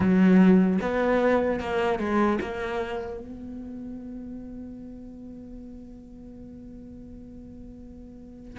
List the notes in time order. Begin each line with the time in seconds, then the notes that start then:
0.00 F#3
0.81 B3
1.60 A#3
1.99 G#3
2.41 A#3
3.19 B3